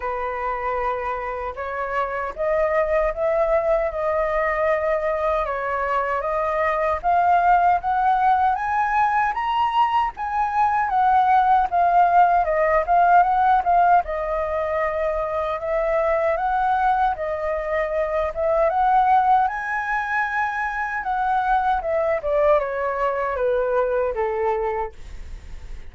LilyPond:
\new Staff \with { instrumentName = "flute" } { \time 4/4 \tempo 4 = 77 b'2 cis''4 dis''4 | e''4 dis''2 cis''4 | dis''4 f''4 fis''4 gis''4 | ais''4 gis''4 fis''4 f''4 |
dis''8 f''8 fis''8 f''8 dis''2 | e''4 fis''4 dis''4. e''8 | fis''4 gis''2 fis''4 | e''8 d''8 cis''4 b'4 a'4 | }